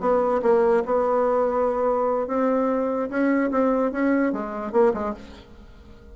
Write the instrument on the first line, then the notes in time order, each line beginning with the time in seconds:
bassoon
0.00 B3
0.42 A#3
0.85 B3
2.27 C4
3.09 C#4
3.51 C4
3.91 C#4
4.32 G#3
4.72 A#3
4.94 G#3